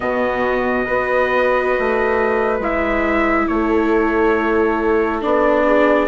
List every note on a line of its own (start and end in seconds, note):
0.00 0.84 B2
0.00 0.86 B3
0.00 0.85 F#4
0.00 2.59 D#5
0.85 1.76 B3
0.85 2.61 F#4
0.85 3.45 B4
1.79 2.59 A3
2.59 3.46 G#3
2.59 5.21 E4
2.59 3.47 E5
3.47 5.23 A3
3.47 5.66 A4
3.47 5.21 C#5
5.21 6.07 B3
5.21 6.07 D4
5.21 6.07 D5
5.66 6.07 G#4